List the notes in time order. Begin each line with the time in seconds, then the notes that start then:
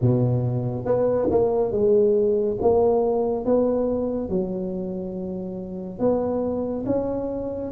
0.01 B2
0.85 B3
1.30 A#3
1.71 G#3
2.61 A#3
3.45 B3
4.29 F#3
5.99 B3
6.86 C#4